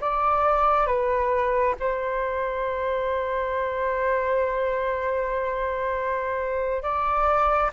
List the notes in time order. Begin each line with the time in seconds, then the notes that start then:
0.00 D5
0.86 B4
1.79 C5
6.82 D5